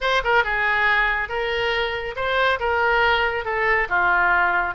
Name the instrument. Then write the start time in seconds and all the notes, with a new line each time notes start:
oboe
0.00 C5
0.24 A#4
0.44 G#4
1.29 A#4
2.16 C5
2.59 A#4
3.44 A4
3.88 F4